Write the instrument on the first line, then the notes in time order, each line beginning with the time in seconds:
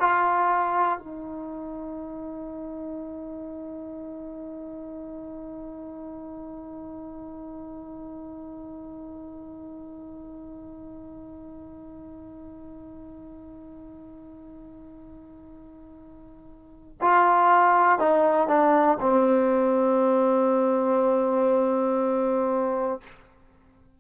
trombone
0.00 F4
0.99 D#4
17.01 F4
17.99 D#4
18.48 D4
19.00 C4